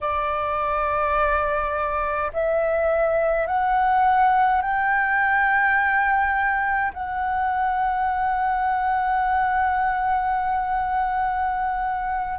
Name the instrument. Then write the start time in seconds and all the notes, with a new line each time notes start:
flute
0.01 D5
2.33 E5
3.46 F#5
4.62 G5
6.93 F#5